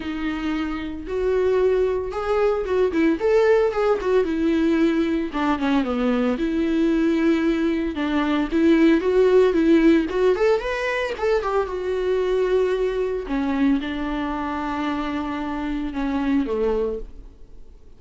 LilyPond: \new Staff \with { instrumentName = "viola" } { \time 4/4 \tempo 4 = 113 dis'2 fis'2 | gis'4 fis'8 e'8 a'4 gis'8 fis'8 | e'2 d'8 cis'8 b4 | e'2. d'4 |
e'4 fis'4 e'4 fis'8 a'8 | b'4 a'8 g'8 fis'2~ | fis'4 cis'4 d'2~ | d'2 cis'4 a4 | }